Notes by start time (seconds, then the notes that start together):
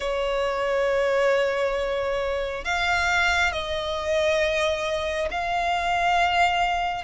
0.00 C#5
2.64 F5
3.52 D#5
5.30 F5